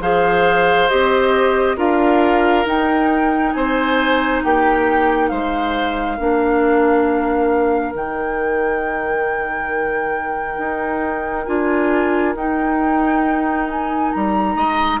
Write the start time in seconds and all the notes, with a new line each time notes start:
0.00 F3 G#4 C5 F5
0.88 C4 G4 D#5
1.76 D4 F4 A#4 F5
2.65 D#4 G5
3.52 C4 C5 G#5
4.43 A#3 G4 G5
5.28 G#3 C5 F5
6.17 A#3 D4 A#4
7.94 D#3 D#4 G5
10.58 D#4
11.45 D4 F4 G#5
12.35 D#4 G5
13.69 G#5
14.11 G3 A#5
14.55 G#3 D#5